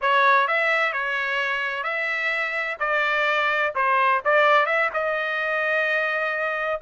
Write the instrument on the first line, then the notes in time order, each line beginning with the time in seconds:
trumpet
0.01 C#5
0.47 E5
0.92 C#5
1.83 E5
2.79 D5
3.75 C5
4.24 D5
4.66 E5
4.93 D#5